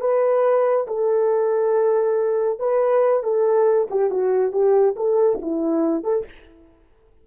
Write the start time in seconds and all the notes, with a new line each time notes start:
0.00 B4
0.87 A4
2.59 B4
3.23 A4
3.90 G4
4.10 F#4
4.52 G4
4.96 A4
5.42 E4
6.03 A4